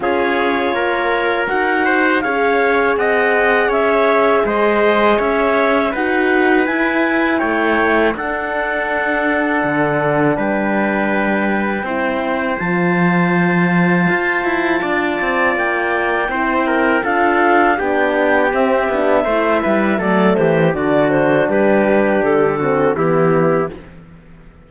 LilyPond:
<<
  \new Staff \with { instrumentName = "clarinet" } { \time 4/4 \tempo 4 = 81 cis''2 fis''4 f''4 | fis''4 e''4 dis''4 e''4 | fis''4 gis''4 g''4 fis''4~ | fis''2 g''2~ |
g''4 a''2.~ | a''4 g''2 f''4 | g''4 e''2 d''8 c''8 | d''8 c''8 b'4 a'4 g'4 | }
  \new Staff \with { instrumentName = "trumpet" } { \time 4/4 gis'4 ais'4. c''8 cis''4 | dis''4 cis''4 c''4 cis''4 | b'2 cis''4 a'4~ | a'2 b'2 |
c''1 | d''2 c''8 ais'8 a'4 | g'2 c''8 b'8 a'8 g'8 | fis'4 g'4. fis'8 e'4 | }
  \new Staff \with { instrumentName = "horn" } { \time 4/4 f'2 fis'4 gis'4~ | gis'1 | fis'4 e'2 d'4~ | d'1 |
e'4 f'2.~ | f'2 e'4 f'4 | d'4 c'8 d'8 e'4 a4 | d'2~ d'8 c'8 b4 | }
  \new Staff \with { instrumentName = "cello" } { \time 4/4 cis'4 ais4 dis'4 cis'4 | c'4 cis'4 gis4 cis'4 | dis'4 e'4 a4 d'4~ | d'4 d4 g2 |
c'4 f2 f'8 e'8 | d'8 c'8 ais4 c'4 d'4 | b4 c'8 b8 a8 g8 fis8 e8 | d4 g4 d4 e4 | }
>>